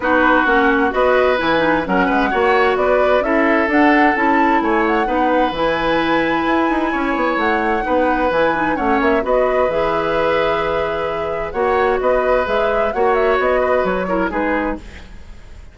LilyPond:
<<
  \new Staff \with { instrumentName = "flute" } { \time 4/4 \tempo 4 = 130 b'4 fis''4 dis''4 gis''4 | fis''2 d''4 e''4 | fis''4 a''4 gis''8 fis''4. | gis''1 |
fis''2 gis''4 fis''8 e''8 | dis''4 e''2.~ | e''4 fis''4 dis''4 e''4 | fis''8 e''8 dis''4 cis''4 b'4 | }
  \new Staff \with { instrumentName = "oboe" } { \time 4/4 fis'2 b'2 | ais'8 b'8 cis''4 b'4 a'4~ | a'2 cis''4 b'4~ | b'2. cis''4~ |
cis''4 b'2 cis''4 | b'1~ | b'4 cis''4 b'2 | cis''4. b'4 ais'8 gis'4 | }
  \new Staff \with { instrumentName = "clarinet" } { \time 4/4 dis'4 cis'4 fis'4 e'8 dis'8 | cis'4 fis'2 e'4 | d'4 e'2 dis'4 | e'1~ |
e'4 dis'4 e'8 dis'8 cis'4 | fis'4 gis'2.~ | gis'4 fis'2 gis'4 | fis'2~ fis'8 e'8 dis'4 | }
  \new Staff \with { instrumentName = "bassoon" } { \time 4/4 b4 ais4 b4 e4 | fis8 gis8 ais4 b4 cis'4 | d'4 cis'4 a4 b4 | e2 e'8 dis'8 cis'8 b8 |
a4 b4 e4 a8 ais8 | b4 e2.~ | e4 ais4 b4 gis4 | ais4 b4 fis4 gis4 | }
>>